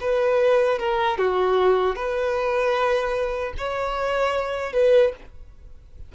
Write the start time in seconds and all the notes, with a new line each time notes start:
0.00 B4
0.79 A#4
1.18 F#4
1.95 B4
3.57 C#5
4.73 B4